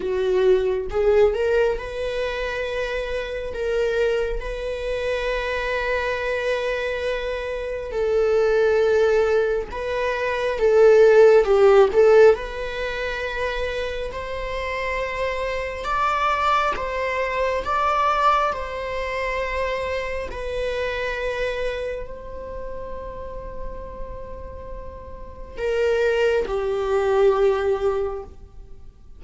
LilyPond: \new Staff \with { instrumentName = "viola" } { \time 4/4 \tempo 4 = 68 fis'4 gis'8 ais'8 b'2 | ais'4 b'2.~ | b'4 a'2 b'4 | a'4 g'8 a'8 b'2 |
c''2 d''4 c''4 | d''4 c''2 b'4~ | b'4 c''2.~ | c''4 ais'4 g'2 | }